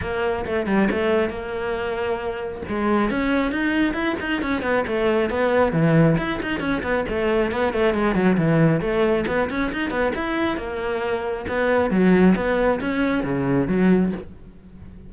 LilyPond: \new Staff \with { instrumentName = "cello" } { \time 4/4 \tempo 4 = 136 ais4 a8 g8 a4 ais4~ | ais2 gis4 cis'4 | dis'4 e'8 dis'8 cis'8 b8 a4 | b4 e4 e'8 dis'8 cis'8 b8 |
a4 b8 a8 gis8 fis8 e4 | a4 b8 cis'8 dis'8 b8 e'4 | ais2 b4 fis4 | b4 cis'4 cis4 fis4 | }